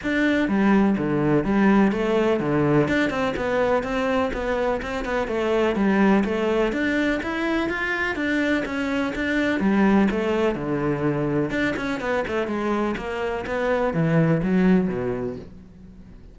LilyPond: \new Staff \with { instrumentName = "cello" } { \time 4/4 \tempo 4 = 125 d'4 g4 d4 g4 | a4 d4 d'8 c'8 b4 | c'4 b4 c'8 b8 a4 | g4 a4 d'4 e'4 |
f'4 d'4 cis'4 d'4 | g4 a4 d2 | d'8 cis'8 b8 a8 gis4 ais4 | b4 e4 fis4 b,4 | }